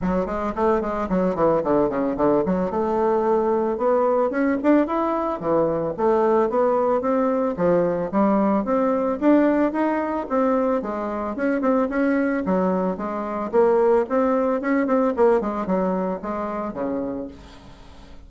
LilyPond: \new Staff \with { instrumentName = "bassoon" } { \time 4/4 \tempo 4 = 111 fis8 gis8 a8 gis8 fis8 e8 d8 cis8 | d8 fis8 a2 b4 | cis'8 d'8 e'4 e4 a4 | b4 c'4 f4 g4 |
c'4 d'4 dis'4 c'4 | gis4 cis'8 c'8 cis'4 fis4 | gis4 ais4 c'4 cis'8 c'8 | ais8 gis8 fis4 gis4 cis4 | }